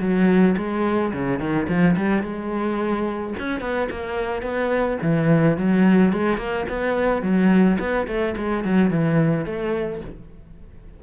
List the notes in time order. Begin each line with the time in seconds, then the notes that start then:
0.00 F#3
0.57 G#3
1.13 C#3
1.39 D#3
1.68 F3
1.97 G3
2.23 G#3
3.39 C#4
3.61 B3
3.90 A#3
4.42 B3
5.02 E3
5.57 F#3
6.13 G#3
6.37 A#3
6.69 B3
7.22 F#3
7.80 B3
8.07 A3
8.37 G#3
8.64 F#3
8.90 E3
9.45 A3